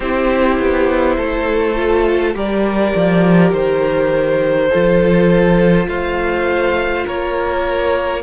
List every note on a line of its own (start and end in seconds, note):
0.00 0.58 C4
0.00 1.76 E4
0.00 1.17 G4
0.00 2.34 C5
0.58 1.17 B3
1.17 2.34 A3
1.17 2.34 A4
1.76 2.34 F4
2.34 2.93 G3
2.34 4.69 G4
2.34 4.69 A#4
2.34 3.53 D5
2.95 3.51 F3
3.51 4.69 D#3
3.51 5.88 C5
4.69 5.87 F3
4.69 8.22 F4
4.69 5.87 A4
5.87 7.04 A3
5.87 7.06 C5
5.87 7.06 F5
7.06 8.22 A#3
7.06 8.22 A#4
7.06 8.22 C#5